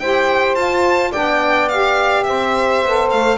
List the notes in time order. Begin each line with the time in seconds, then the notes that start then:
0.00 E4 G4 C5 G5
0.55 F4 A5
1.11 B3 D4 D5 G5
1.69 G4 F5
2.24 C4 C5 E5
2.84 B3 A4
3.11 A3 F5